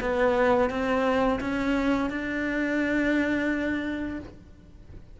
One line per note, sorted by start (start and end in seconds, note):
0.00 0.70 B3
0.70 1.40 C4
1.40 2.10 C#4
2.10 4.19 D4